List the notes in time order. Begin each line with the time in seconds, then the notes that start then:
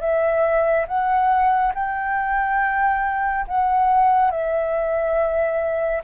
0.00 E5
0.87 F#5
1.74 G5
3.48 F#5
4.31 E5